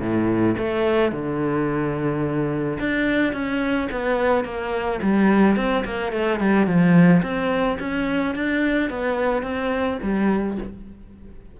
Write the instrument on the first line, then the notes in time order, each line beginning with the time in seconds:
cello
0.00 A2
0.58 A3
1.12 D3
2.79 D4
3.33 C#4
3.91 B3
4.44 A#3
5.02 G3
5.56 C4
5.85 A#3
6.12 A3
6.40 G3
6.66 F3
7.22 C4
7.79 C#4
8.35 D4
8.90 B3
9.42 C4
10.02 G3